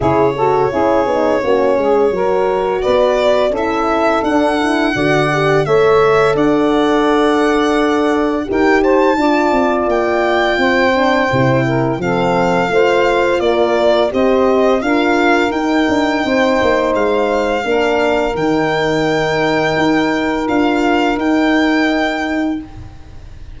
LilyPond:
<<
  \new Staff \with { instrumentName = "violin" } { \time 4/4 \tempo 4 = 85 cis''1 | d''4 e''4 fis''2 | e''4 fis''2. | g''8 a''4. g''2~ |
g''4 f''2 d''4 | dis''4 f''4 g''2 | f''2 g''2~ | g''4 f''4 g''2 | }
  \new Staff \with { instrumentName = "saxophone" } { \time 4/4 gis'8 a'8 gis'4 fis'8 gis'8 ais'4 | b'4 a'2 d''4 | cis''4 d''2. | ais'8 c''8 d''2 c''4~ |
c''8 ais'8 a'4 c''4 ais'4 | c''4 ais'2 c''4~ | c''4 ais'2.~ | ais'1 | }
  \new Staff \with { instrumentName = "horn" } { \time 4/4 e'8 fis'8 e'8 dis'8 cis'4 fis'4~ | fis'4 e'4 d'8 e'8 fis'8 g'8 | a'1 | g'4 f'2~ f'8 d'8 |
e'4 c'4 f'2 | g'4 f'4 dis'2~ | dis'4 d'4 dis'2~ | dis'4 f'4 dis'2 | }
  \new Staff \with { instrumentName = "tuba" } { \time 4/4 cis4 cis'8 b8 ais8 gis8 fis4 | b4 cis'4 d'4 d4 | a4 d'2. | dis'4 d'8 c'8 ais4 c'4 |
c4 f4 a4 ais4 | c'4 d'4 dis'8 d'8 c'8 ais8 | gis4 ais4 dis2 | dis'4 d'4 dis'2 | }
>>